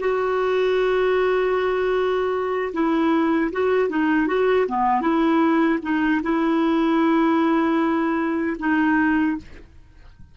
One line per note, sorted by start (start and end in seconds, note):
0.00 2.73 F#4
2.73 3.51 E4
3.52 3.90 F#4
3.90 4.28 D#4
4.28 4.67 F#4
4.68 5.02 B3
5.02 5.79 E4
5.83 6.22 D#4
6.23 8.57 E4
8.60 9.38 D#4